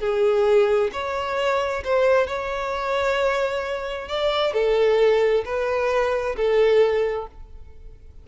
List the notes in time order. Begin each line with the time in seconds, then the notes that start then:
0.00 G#4
0.93 C#5
1.84 C5
2.27 C#5
4.08 D5
4.54 A4
5.45 B4
6.37 A4